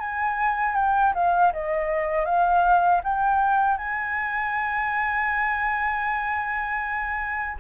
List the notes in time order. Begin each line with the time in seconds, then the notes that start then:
0.00 G#5
0.76 G5
1.15 F5
1.53 D#5
2.25 F5
3.04 G5
3.78 G#5